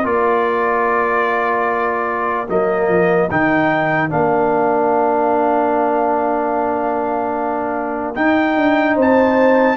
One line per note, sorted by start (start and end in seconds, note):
0.00 2.48 A#3
0.00 2.46 F4
0.00 8.92 A#4
0.00 2.48 D5
2.48 2.88 F#3
2.48 3.29 A#3
2.48 3.30 D#5
2.88 3.28 F3
3.30 4.11 D#3
3.30 4.09 D#4
3.30 4.10 G5
4.09 8.16 A#3
4.09 8.14 D4
4.09 8.15 F5
8.15 9.77 D#4
8.15 8.56 D#4
8.15 8.96 G5
8.56 8.96 D4
8.95 9.77 C4
8.95 9.76 C5
8.95 9.77 A5